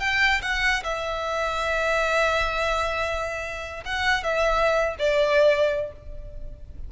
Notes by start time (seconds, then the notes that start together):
0.00 G5
0.42 F#5
0.84 E5
3.85 F#5
4.24 E5
4.99 D5